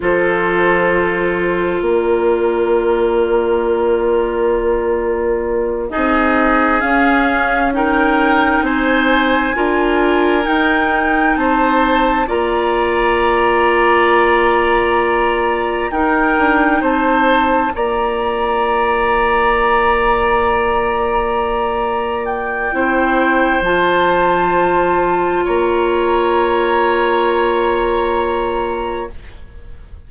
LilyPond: <<
  \new Staff \with { instrumentName = "flute" } { \time 4/4 \tempo 4 = 66 c''2 d''2~ | d''2~ d''8 dis''4 f''8~ | f''8 g''4 gis''2 g''8~ | g''8 a''4 ais''2~ ais''8~ |
ais''4. g''4 a''4 ais''8~ | ais''1~ | ais''8 g''4. a''2 | ais''1 | }
  \new Staff \with { instrumentName = "oboe" } { \time 4/4 a'2 ais'2~ | ais'2~ ais'8 gis'4.~ | gis'8 ais'4 c''4 ais'4.~ | ais'8 c''4 d''2~ d''8~ |
d''4. ais'4 c''4 d''8~ | d''1~ | d''4 c''2. | cis''1 | }
  \new Staff \with { instrumentName = "clarinet" } { \time 4/4 f'1~ | f'2~ f'8 dis'4 cis'8~ | cis'8 dis'2 f'4 dis'8~ | dis'4. f'2~ f'8~ |
f'4. dis'2 f'8~ | f'1~ | f'4 e'4 f'2~ | f'1 | }
  \new Staff \with { instrumentName = "bassoon" } { \time 4/4 f2 ais2~ | ais2~ ais8 c'4 cis'8~ | cis'4. c'4 d'4 dis'8~ | dis'8 c'4 ais2~ ais8~ |
ais4. dis'8 d'8 c'4 ais8~ | ais1~ | ais4 c'4 f2 | ais1 | }
>>